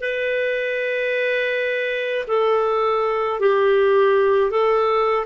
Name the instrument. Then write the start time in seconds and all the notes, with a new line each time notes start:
clarinet
0.00 B4
2.27 A4
3.40 G4
4.50 A4